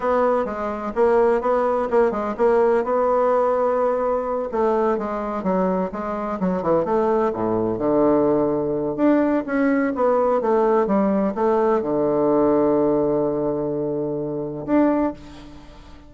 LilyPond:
\new Staff \with { instrumentName = "bassoon" } { \time 4/4 \tempo 4 = 127 b4 gis4 ais4 b4 | ais8 gis8 ais4 b2~ | b4. a4 gis4 fis8~ | fis8 gis4 fis8 e8 a4 a,8~ |
a,8 d2~ d8 d'4 | cis'4 b4 a4 g4 | a4 d2.~ | d2. d'4 | }